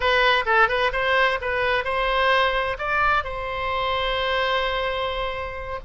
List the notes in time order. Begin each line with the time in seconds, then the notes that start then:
0.00 B4
0.45 A4
0.68 B4
0.92 C5
1.41 B4
1.84 C5
2.78 D5
3.23 C5